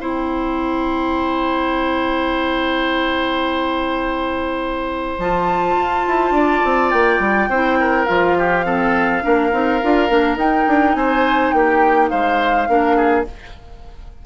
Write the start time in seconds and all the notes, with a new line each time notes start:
0.00 C4 E4 C5 G5
5.19 F3 F4 A5
5.77 F4
6.07 E4
6.31 D4 D5
6.65 C4
6.91 A#3 G5
7.20 G3
7.49 C4 E4 C5
7.80 A#4
8.06 F3 F4 F5
8.38 G4
8.64 C4 A4
9.22 A#3 D4 A#4
9.52 C4 D#4
9.83 D4 F4
10.09 A#3 D4
10.36 D#4 G5
10.68 D4
10.95 C4 C5 G#5
11.52 A#3 G4 G5
12.09 G#3 C5 F5
12.68 A#3 D4 A#4
12.97 G#4